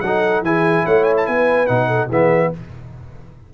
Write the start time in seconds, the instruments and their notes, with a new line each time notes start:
0.00 tuba F#3, trombone D#4, horn A4, trumpet F#5
0.41 tuba E3, trombone E4, horn G#4, trumpet G#5
0.85 tuba A3, horn C#5, trumpet F#5
1.03 trumpet G#5
1.16 trumpet A5
1.26 tuba B3, horn B4, trumpet G#5
1.66 tuba B2, trombone D#4, trumpet F#5
1.87 horn A4
2.08 tuba E3, trombone B3, horn G#4, trumpet E5